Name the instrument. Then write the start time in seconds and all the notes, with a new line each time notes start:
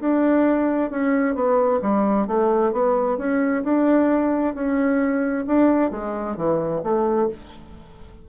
bassoon
0.00 D4
0.90 C#4
1.35 B3
1.82 G3
2.27 A3
2.73 B3
3.18 C#4
3.63 D4
4.54 C#4
5.47 D4
5.91 G#3
6.36 E3
6.83 A3